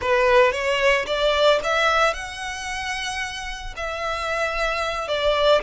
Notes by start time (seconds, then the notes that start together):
0.01 B4
0.52 C#5
1.06 D5
1.63 E5
2.13 F#5
3.76 E5
5.07 D5